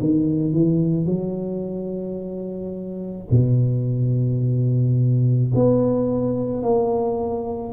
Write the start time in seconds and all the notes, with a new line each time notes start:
0.00 D#3
0.53 E3
1.06 F#3
3.31 B2
5.55 B3
6.63 A#3